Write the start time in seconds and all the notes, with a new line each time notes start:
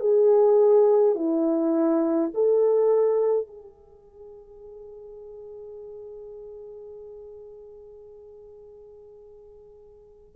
0.00 G#4
1.15 E4
2.34 A4
3.47 G#4